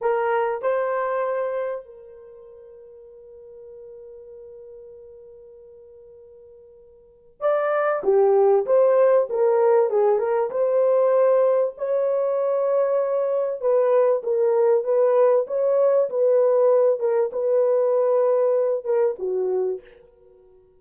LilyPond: \new Staff \with { instrumentName = "horn" } { \time 4/4 \tempo 4 = 97 ais'4 c''2 ais'4~ | ais'1~ | ais'1 | d''4 g'4 c''4 ais'4 |
gis'8 ais'8 c''2 cis''4~ | cis''2 b'4 ais'4 | b'4 cis''4 b'4. ais'8 | b'2~ b'8 ais'8 fis'4 | }